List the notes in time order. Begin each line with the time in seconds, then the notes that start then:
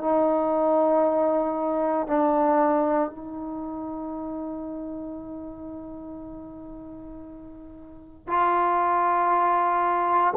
0.00 D#4
2.07 D4
3.10 D#4
8.27 F4